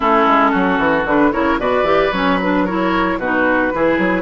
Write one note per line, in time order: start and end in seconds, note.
0.00 0.26 A3
0.00 1.06 C#4
0.00 0.51 E4
0.00 1.07 A4
0.26 0.52 G#3
0.51 0.78 F#3
0.51 1.30 F#4
0.78 1.05 E3
1.05 1.31 D3
1.05 1.32 D4
1.05 1.32 B4
1.32 1.59 C#3
1.32 1.59 E4
1.32 1.59 A#4
1.32 1.59 C#5
1.59 1.82 B2
1.59 1.85 F#4
1.59 2.64 B4
1.59 2.12 D5
1.82 2.09 E3
1.82 2.11 G4
2.12 3.17 F#3
2.12 2.39 C#4
2.12 2.38 C#5
2.40 2.67 D4
2.40 2.65 B4
2.64 3.20 E4
2.64 3.17 A#4
2.64 3.18 C#5
3.17 3.70 B2
3.17 3.73 D#4
3.17 3.72 F#4
3.17 4.22 B4
3.73 3.98 E3
3.73 4.22 E4
3.73 4.22 G#4
3.98 4.22 F#3